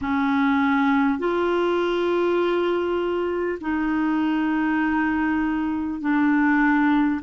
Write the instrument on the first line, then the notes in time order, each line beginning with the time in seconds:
clarinet
0.01 C#4
1.18 F4
3.60 D#4
6.00 D4